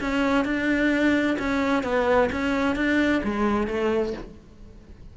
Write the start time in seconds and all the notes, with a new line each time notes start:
0.00 C#4
0.44 D4
1.39 C#4
1.83 B3
2.32 C#4
2.75 D4
3.23 G#3
3.67 A3